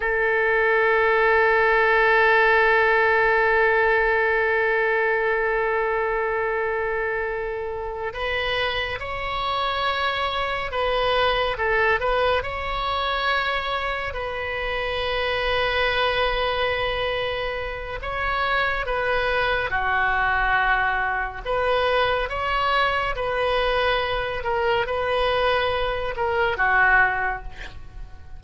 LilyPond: \new Staff \with { instrumentName = "oboe" } { \time 4/4 \tempo 4 = 70 a'1~ | a'1~ | a'4. b'4 cis''4.~ | cis''8 b'4 a'8 b'8 cis''4.~ |
cis''8 b'2.~ b'8~ | b'4 cis''4 b'4 fis'4~ | fis'4 b'4 cis''4 b'4~ | b'8 ais'8 b'4. ais'8 fis'4 | }